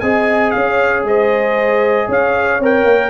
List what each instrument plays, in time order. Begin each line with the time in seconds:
0.00 tuba C4, trombone G#4, horn D#5, trumpet G#5
0.50 tuba C#4, trumpet F5
0.57 horn C#5
1.03 tuba G#3, horn C5, trumpet D#5
2.07 tuba C#4, horn C#5, trumpet F5
2.59 tuba C4, trombone A#4, trumpet G5
2.85 tuba A#3